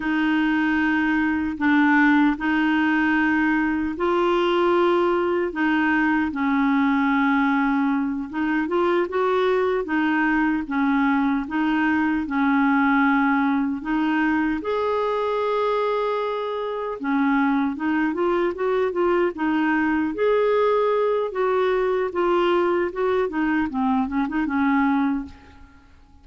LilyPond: \new Staff \with { instrumentName = "clarinet" } { \time 4/4 \tempo 4 = 76 dis'2 d'4 dis'4~ | dis'4 f'2 dis'4 | cis'2~ cis'8 dis'8 f'8 fis'8~ | fis'8 dis'4 cis'4 dis'4 cis'8~ |
cis'4. dis'4 gis'4.~ | gis'4. cis'4 dis'8 f'8 fis'8 | f'8 dis'4 gis'4. fis'4 | f'4 fis'8 dis'8 c'8 cis'16 dis'16 cis'4 | }